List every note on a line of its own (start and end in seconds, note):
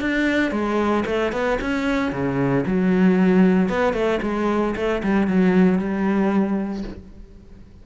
0.00 0.51 D4
0.51 1.04 G#3
1.05 1.32 A3
1.32 1.58 B3
1.60 2.11 C#4
2.11 2.64 C#3
2.66 3.68 F#3
3.68 3.93 B3
3.93 4.19 A3
4.22 4.74 G#3
4.75 5.02 A3
5.02 5.27 G3
5.27 5.78 F#3
5.78 6.83 G3